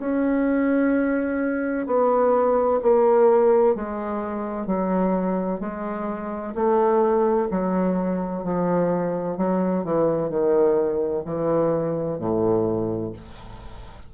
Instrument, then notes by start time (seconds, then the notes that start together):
bassoon
0.00 C#4
1.87 B3
2.83 A#3
3.75 G#3
4.67 F#3
5.60 G#3
6.55 A3
7.51 F#3
8.44 F3
9.37 F#3
9.84 E3
10.30 D#3
11.25 E3
12.19 A2